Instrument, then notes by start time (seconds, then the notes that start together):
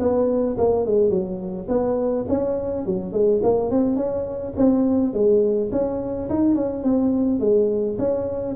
tuba
0.00 B3
0.58 A#3
0.86 G#3
1.10 F#3
1.69 B3
2.29 C#4
2.86 F#3
3.13 G#3
3.43 A#3
3.71 C4
3.97 C#4
4.57 C4
5.14 G#3
5.72 C#4
6.30 D#4
6.55 C#4
6.84 C4
7.40 G#3
7.99 C#4